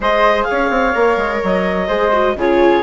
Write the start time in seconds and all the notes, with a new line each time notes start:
0.00 G#3 G#4 C5 D#5
0.43 F5
0.50 C#4 C#5
0.70 C4
0.94 A#3 A#4
1.17 G#3
1.43 F#3 D#5
1.87 G#3 G#4 C5
2.12 F#4
2.35 C#3 F4 G#4 C#5